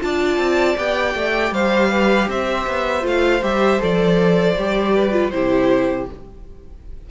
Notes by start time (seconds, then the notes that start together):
0.00 D4 F4 D5 A5
0.38 C4
0.77 B3 G4 G5
1.15 A3
1.51 G3 C5 F5
1.90 B4
2.28 C4 C5 E5
2.67 B3
3.02 A3 F4 F5
3.42 G3 G4 E5
3.79 F3 A4 D5
4.57 G3 G4
4.95 B4
5.12 F4
5.30 C3 E4 G4 C5